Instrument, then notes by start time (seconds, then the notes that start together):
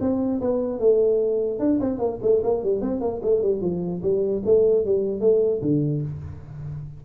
tuba
0.00 C4
0.40 B3
0.79 A3
1.59 D4
1.80 C4
1.99 A#3
2.22 A3
2.43 A#3
2.63 G3
2.81 C4
3.00 A#3
3.22 A3
3.42 G3
3.61 F3
4.02 G3
4.45 A3
4.85 G3
5.20 A3
5.61 D3